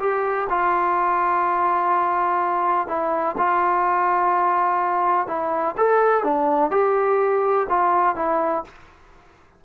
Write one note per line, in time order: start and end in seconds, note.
0.00 0.48 G4
0.50 2.88 F4
2.88 3.36 E4
3.38 5.28 F4
5.28 5.76 E4
5.77 6.24 A4
6.24 6.71 D4
6.71 7.67 G4
7.70 8.16 F4
8.16 8.64 E4